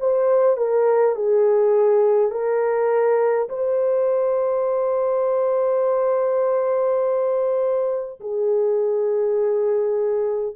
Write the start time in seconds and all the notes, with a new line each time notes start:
0.00 C5
0.57 A#4
1.16 G#4
2.32 A#4
3.50 C5
8.21 G#4